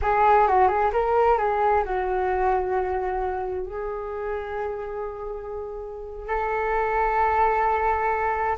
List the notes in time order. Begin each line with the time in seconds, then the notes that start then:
0.02 G#4
0.47 F#4
0.68 G#4
0.93 A#4
1.38 G#4
1.84 F#4
3.65 G#4
6.27 A4